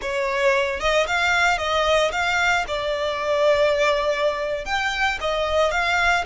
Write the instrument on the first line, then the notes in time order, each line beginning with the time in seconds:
violin
0.01 C#5
0.80 D#5
1.06 F5
1.58 D#5
2.11 F5
2.67 D5
4.65 G5
5.21 D#5
5.71 F5